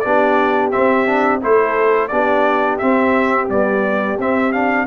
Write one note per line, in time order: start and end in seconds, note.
0.00 0.74 B3
0.00 0.72 D4
0.00 1.43 G4
0.00 0.69 D5
0.72 1.06 C4
0.72 1.43 C4
0.72 1.41 E5
1.07 1.41 D4
1.42 2.12 A3
1.42 2.10 E4
1.42 2.12 A4
1.42 2.08 C5
2.08 2.81 B3
2.08 2.81 D4
2.08 4.87 G4
2.08 2.77 D5
2.79 3.49 C4
2.79 3.51 C4
2.79 3.48 E5
3.49 4.18 G3
3.49 4.19 B3
3.49 4.19 D5
4.19 4.87 C4
4.19 4.53 C4
4.19 4.53 E5
4.53 4.87 D4
4.53 4.87 F5